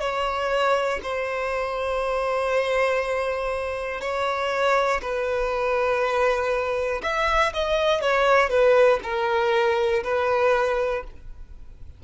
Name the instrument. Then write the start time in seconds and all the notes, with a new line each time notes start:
violin
0.00 C#5
1.02 C5
4.01 C#5
5.01 B4
7.03 E5
7.53 D#5
8.01 C#5
8.50 B4
9.03 A#4
10.03 B4